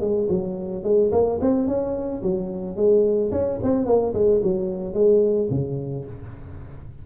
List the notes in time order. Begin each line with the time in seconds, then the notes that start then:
0.00 G#3
0.29 F#3
0.83 G#3
1.12 A#3
1.41 C4
1.67 C#4
2.22 F#3
2.76 G#3
3.31 C#4
3.63 C4
3.85 A#3
4.13 G#3
4.43 F#3
4.93 G#3
5.50 C#3